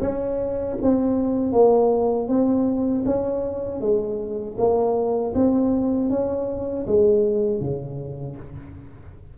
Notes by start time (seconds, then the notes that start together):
0.00 C#4
0.81 C4
1.52 A#3
2.28 C4
3.05 C#4
3.80 G#3
4.57 A#3
5.34 C4
6.10 C#4
6.86 G#3
7.60 C#3